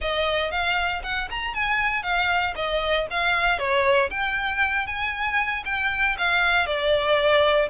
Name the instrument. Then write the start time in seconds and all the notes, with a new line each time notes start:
violin
0.01 D#5
0.51 F5
1.03 F#5
1.30 A#5
1.54 G#5
2.02 F5
2.55 D#5
3.10 F5
3.58 C#5
4.10 G5
4.86 G#5
5.65 G5
6.17 F5
6.66 D5